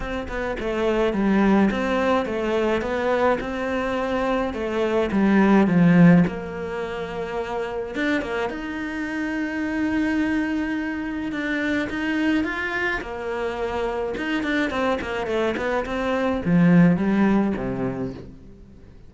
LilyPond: \new Staff \with { instrumentName = "cello" } { \time 4/4 \tempo 4 = 106 c'8 b8 a4 g4 c'4 | a4 b4 c'2 | a4 g4 f4 ais4~ | ais2 d'8 ais8 dis'4~ |
dis'1 | d'4 dis'4 f'4 ais4~ | ais4 dis'8 d'8 c'8 ais8 a8 b8 | c'4 f4 g4 c4 | }